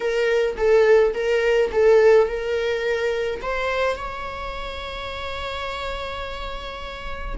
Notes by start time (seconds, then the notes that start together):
0.00 A#4
0.57 A4
1.14 A#4
1.71 A4
2.27 A#4
3.41 C5
3.95 C#5